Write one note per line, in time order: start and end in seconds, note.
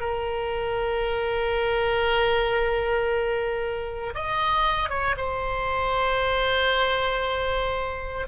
0.00 4.14 A#4
4.15 4.89 D#5
4.89 5.15 C#5
5.17 8.28 C5